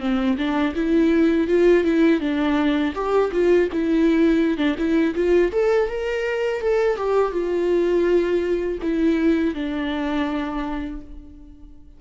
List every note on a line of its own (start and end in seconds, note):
0.00 0.37 C4
0.38 0.75 D4
0.75 1.48 E4
1.48 1.84 F4
1.84 2.21 E4
2.21 2.94 D4
2.95 3.31 G4
3.32 3.69 F4
3.73 4.58 E4
4.58 4.76 D4
4.78 5.15 E4
5.15 5.51 F4
5.52 5.89 A4
5.89 6.61 A#4
6.61 6.97 A4
6.97 7.32 G4
7.32 8.79 F4
8.82 9.55 E4
9.55 11.01 D4